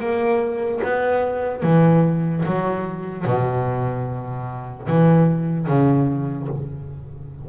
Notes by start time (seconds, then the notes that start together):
0.00 A#3
0.84 B3
1.63 E3
2.46 F#3
3.26 B2
4.88 E3
5.67 C#3